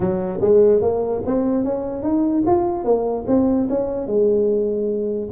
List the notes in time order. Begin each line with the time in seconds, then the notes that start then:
0.00 F#3
0.41 G#3
0.81 A#3
1.26 C4
1.64 C#4
2.02 D#4
2.46 F4
2.84 A#3
3.27 C4
3.69 C#4
4.06 G#3